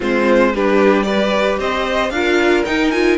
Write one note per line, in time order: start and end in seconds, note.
0.00 0.54 G#3
0.00 0.53 C4
0.00 0.53 F4
0.00 0.55 C5
0.54 1.59 G3
0.54 1.06 D4
0.54 1.06 G4
0.54 1.02 B4
1.02 2.12 G4
1.02 1.59 B4
1.02 1.55 D5
1.59 2.10 C4
1.59 2.12 C5
1.59 2.10 D#5
2.10 2.63 D4
2.10 2.66 F4
2.10 3.18 A#4
2.10 2.63 F5
2.65 2.92 D#4
2.65 3.18 D#4
2.65 2.90 G5
2.90 3.18 F4
2.90 3.17 G#5